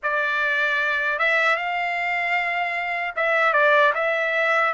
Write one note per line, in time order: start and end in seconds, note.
0.02 1.18 D5
1.18 1.56 E5
1.56 3.14 F5
3.16 3.53 E5
3.53 3.93 D5
3.94 4.73 E5